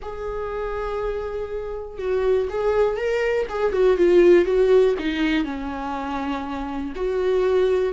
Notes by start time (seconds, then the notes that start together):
0.02 G#4
1.98 F#4
2.49 G#4
2.96 A#4
3.49 G#4
3.72 F#4
3.97 F4
4.45 F#4
4.98 D#4
5.44 C#4
6.95 F#4